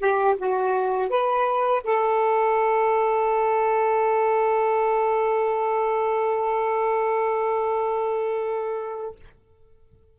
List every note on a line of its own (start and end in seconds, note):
0.00 0.37 G4
0.38 1.10 F#4
1.10 1.83 B4
1.84 9.16 A4